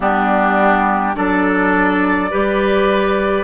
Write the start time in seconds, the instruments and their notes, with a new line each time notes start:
0.00 bassoon G3, clarinet B3, oboe D4, flute G4
1.14 bassoon F#3, clarinet D4, oboe A4, flute D5
2.30 bassoon G3, clarinet G4, oboe B4